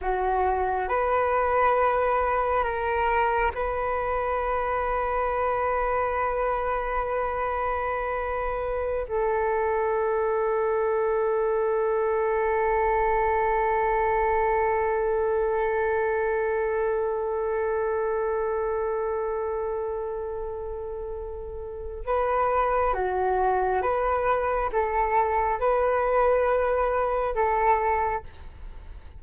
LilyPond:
\new Staff \with { instrumentName = "flute" } { \time 4/4 \tempo 4 = 68 fis'4 b'2 ais'4 | b'1~ | b'2~ b'16 a'4.~ a'16~ | a'1~ |
a'1~ | a'1~ | a'4 b'4 fis'4 b'4 | a'4 b'2 a'4 | }